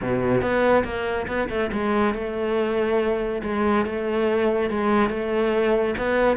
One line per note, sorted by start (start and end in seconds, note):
0.01 0.41 B2
0.41 0.84 B3
0.84 1.26 A#3
1.27 1.49 B3
1.49 1.70 A3
1.72 2.14 G#3
2.14 3.42 A3
3.43 3.85 G#3
3.85 4.70 A3
4.70 5.09 G#3
5.09 5.95 A3
5.97 6.37 B3